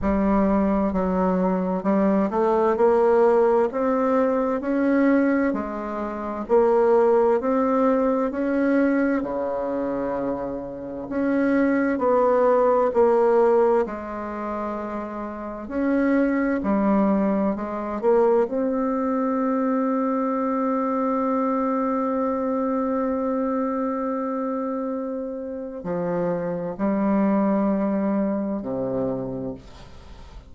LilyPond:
\new Staff \with { instrumentName = "bassoon" } { \time 4/4 \tempo 4 = 65 g4 fis4 g8 a8 ais4 | c'4 cis'4 gis4 ais4 | c'4 cis'4 cis2 | cis'4 b4 ais4 gis4~ |
gis4 cis'4 g4 gis8 ais8 | c'1~ | c'1 | f4 g2 c4 | }